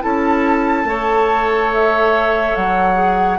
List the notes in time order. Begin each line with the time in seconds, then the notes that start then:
0.00 C#4 E4 A4 A5
0.84 A3 A4 C#5
1.73 E5
2.55 F#3 F#5
2.94 G#4